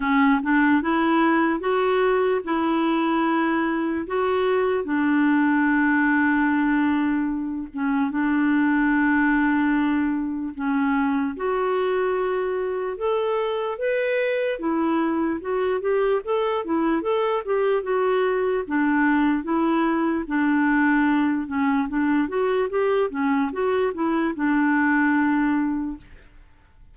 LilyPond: \new Staff \with { instrumentName = "clarinet" } { \time 4/4 \tempo 4 = 74 cis'8 d'8 e'4 fis'4 e'4~ | e'4 fis'4 d'2~ | d'4. cis'8 d'2~ | d'4 cis'4 fis'2 |
a'4 b'4 e'4 fis'8 g'8 | a'8 e'8 a'8 g'8 fis'4 d'4 | e'4 d'4. cis'8 d'8 fis'8 | g'8 cis'8 fis'8 e'8 d'2 | }